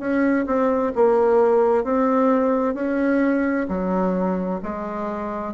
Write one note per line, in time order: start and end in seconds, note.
0.00 0.46 C#4
0.47 0.93 C4
0.96 1.85 A#3
1.85 2.75 C4
2.75 3.67 C#4
3.69 4.61 F#3
4.63 5.54 G#3